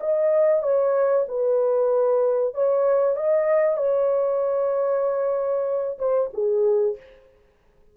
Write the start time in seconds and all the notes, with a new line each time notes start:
0.00 D#5
0.63 C#5
1.28 B4
2.54 C#5
3.16 D#5
3.77 C#5
5.98 C5
6.33 G#4